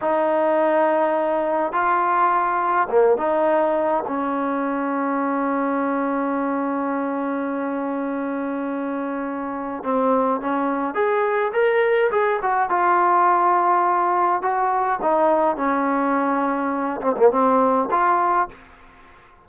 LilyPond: \new Staff \with { instrumentName = "trombone" } { \time 4/4 \tempo 4 = 104 dis'2. f'4~ | f'4 ais8 dis'4. cis'4~ | cis'1~ | cis'1~ |
cis'4 c'4 cis'4 gis'4 | ais'4 gis'8 fis'8 f'2~ | f'4 fis'4 dis'4 cis'4~ | cis'4. c'16 ais16 c'4 f'4 | }